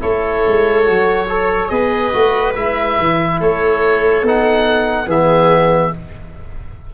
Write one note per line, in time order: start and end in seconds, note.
0.00 0.44 A3
0.00 0.85 E4
0.00 1.29 A4
0.00 1.69 C#5
0.47 0.90 G#3
0.85 1.71 F#3
0.85 1.27 F#4
1.29 1.70 A4
1.29 1.72 C#5
1.69 2.13 B3
1.69 2.12 G#4
1.69 3.41 B4
1.69 2.53 D#5
2.13 2.57 A3
2.13 2.55 F#4
2.56 2.99 G#3
2.56 4.25 E4
2.56 3.40 E5
2.99 3.41 E3
3.41 4.23 A3
3.41 5.08 A4
3.41 4.27 C#5
4.23 5.07 B3
4.23 5.07 D#4
4.23 5.10 F#5
5.07 5.92 E3
5.07 5.91 B3
5.07 5.92 G#4
5.07 5.95 E5